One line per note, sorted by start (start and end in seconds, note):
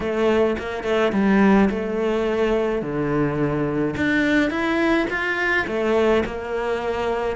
0.00 0.57 A3
0.58 0.83 A#3
0.83 1.11 A3
1.12 1.69 G3
1.69 2.81 A3
2.81 3.95 D3
3.96 4.50 D4
4.50 5.07 E4
5.09 5.66 F4
5.67 6.23 A3
6.25 7.36 A#3